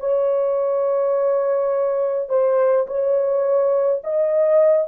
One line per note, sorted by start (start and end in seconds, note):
0.00 2.29 C#5
2.29 2.87 C5
2.87 4.02 C#5
4.04 4.88 D#5